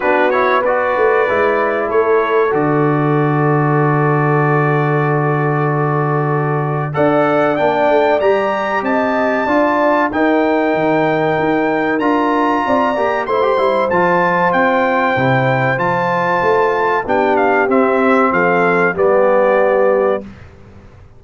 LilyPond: <<
  \new Staff \with { instrumentName = "trumpet" } { \time 4/4 \tempo 4 = 95 b'8 cis''8 d''2 cis''4 | d''1~ | d''2. fis''4 | g''4 ais''4 a''2 |
g''2. ais''4~ | ais''4 c'''4 a''4 g''4~ | g''4 a''2 g''8 f''8 | e''4 f''4 d''2 | }
  \new Staff \with { instrumentName = "horn" } { \time 4/4 fis'4 b'2 a'4~ | a'1~ | a'2. d''4~ | d''2 dis''4 d''4 |
ais'1 | d''4 c''2.~ | c''2. g'4~ | g'4 a'4 g'2 | }
  \new Staff \with { instrumentName = "trombone" } { \time 4/4 d'8 e'8 fis'4 e'2 | fis'1~ | fis'2. a'4 | d'4 g'2 f'4 |
dis'2. f'4~ | f'8 g'8 e'16 g'16 e'8 f'2 | e'4 f'2 d'4 | c'2 b2 | }
  \new Staff \with { instrumentName = "tuba" } { \time 4/4 b4. a8 gis4 a4 | d1~ | d2. d'4 | ais8 a8 g4 c'4 d'4 |
dis'4 dis4 dis'4 d'4 | c'8 ais8 a8 g8 f4 c'4 | c4 f4 a4 b4 | c'4 f4 g2 | }
>>